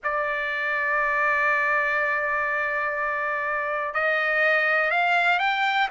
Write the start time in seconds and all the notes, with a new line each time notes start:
0.03 D5
3.93 D#5
4.90 F5
5.39 G5